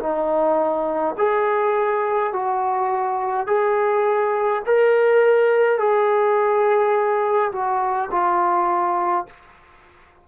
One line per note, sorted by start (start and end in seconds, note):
0.00 1.15 D#4
1.18 2.33 G#4
2.33 3.47 F#4
3.47 4.63 G#4
4.67 5.79 A#4
5.79 7.52 G#4
7.52 8.10 F#4
8.11 9.27 F4